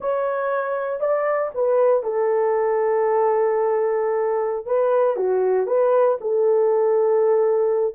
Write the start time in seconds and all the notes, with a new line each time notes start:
0.00 C#5
1.00 D5
1.54 B4
2.03 A4
4.65 B4
5.16 F#4
5.67 B4
6.20 A4